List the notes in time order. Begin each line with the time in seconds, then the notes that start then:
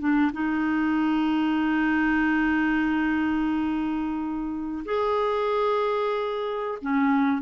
0.00 D4
0.33 D#4
4.86 G#4
6.82 C#4